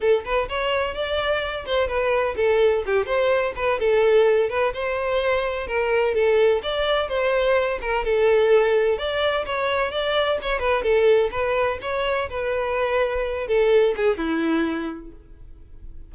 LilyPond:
\new Staff \with { instrumentName = "violin" } { \time 4/4 \tempo 4 = 127 a'8 b'8 cis''4 d''4. c''8 | b'4 a'4 g'8 c''4 b'8 | a'4. b'8 c''2 | ais'4 a'4 d''4 c''4~ |
c''8 ais'8 a'2 d''4 | cis''4 d''4 cis''8 b'8 a'4 | b'4 cis''4 b'2~ | b'8 a'4 gis'8 e'2 | }